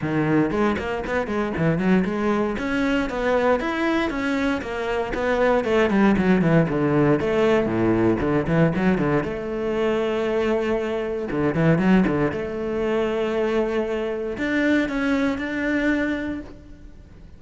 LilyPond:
\new Staff \with { instrumentName = "cello" } { \time 4/4 \tempo 4 = 117 dis4 gis8 ais8 b8 gis8 e8 fis8 | gis4 cis'4 b4 e'4 | cis'4 ais4 b4 a8 g8 | fis8 e8 d4 a4 a,4 |
d8 e8 fis8 d8 a2~ | a2 d8 e8 fis8 d8 | a1 | d'4 cis'4 d'2 | }